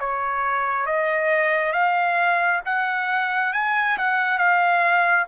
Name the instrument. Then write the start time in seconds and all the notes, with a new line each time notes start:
trumpet
0.00 C#5
0.87 D#5
1.73 F5
2.66 F#5
3.53 G#5
3.98 F#5
4.38 F5